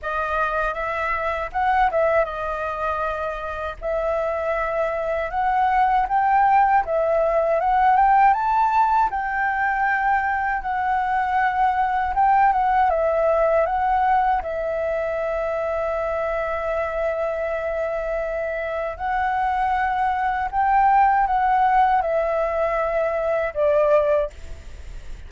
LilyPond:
\new Staff \with { instrumentName = "flute" } { \time 4/4 \tempo 4 = 79 dis''4 e''4 fis''8 e''8 dis''4~ | dis''4 e''2 fis''4 | g''4 e''4 fis''8 g''8 a''4 | g''2 fis''2 |
g''8 fis''8 e''4 fis''4 e''4~ | e''1~ | e''4 fis''2 g''4 | fis''4 e''2 d''4 | }